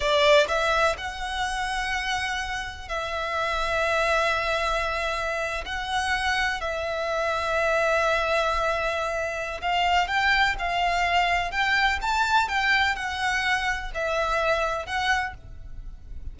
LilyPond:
\new Staff \with { instrumentName = "violin" } { \time 4/4 \tempo 4 = 125 d''4 e''4 fis''2~ | fis''2 e''2~ | e''2.~ e''8. fis''16~ | fis''4.~ fis''16 e''2~ e''16~ |
e''1 | f''4 g''4 f''2 | g''4 a''4 g''4 fis''4~ | fis''4 e''2 fis''4 | }